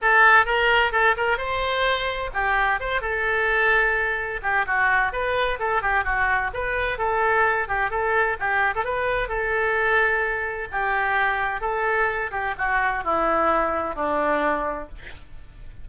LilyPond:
\new Staff \with { instrumentName = "oboe" } { \time 4/4 \tempo 4 = 129 a'4 ais'4 a'8 ais'8 c''4~ | c''4 g'4 c''8 a'4.~ | a'4. g'8 fis'4 b'4 | a'8 g'8 fis'4 b'4 a'4~ |
a'8 g'8 a'4 g'8. a'16 b'4 | a'2. g'4~ | g'4 a'4. g'8 fis'4 | e'2 d'2 | }